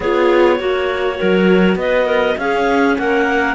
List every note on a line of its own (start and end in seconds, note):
0.00 0.59 B3
0.00 0.59 F4
0.00 0.57 G#4
0.00 1.78 C#5
0.58 1.19 A#3
0.58 1.17 F#4
0.58 2.37 F#4
1.17 1.75 F#3
1.17 1.76 A#4
1.75 2.35 B3
1.75 2.05 B4
1.75 2.37 D#5
2.05 2.35 A#4
2.37 2.97 C#4
2.37 3.55 C#4
2.37 2.98 G#4
2.37 2.97 F5
2.98 3.55 A#3
2.98 3.55 A#4
2.98 3.55 F#5